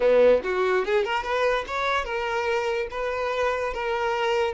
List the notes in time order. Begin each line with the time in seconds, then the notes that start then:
0.00 B3
0.43 F#4
0.85 G#4
1.04 A#4
1.23 B4
1.67 C#5
2.04 A#4
2.90 B4
3.73 A#4